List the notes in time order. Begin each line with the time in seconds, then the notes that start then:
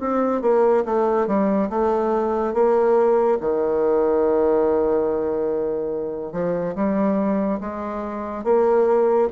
0.00 C4
0.42 A#3
0.85 A3
1.27 G3
1.69 A3
2.54 A#3
3.40 D#3
6.32 F3
6.75 G3
7.61 G#3
8.44 A#3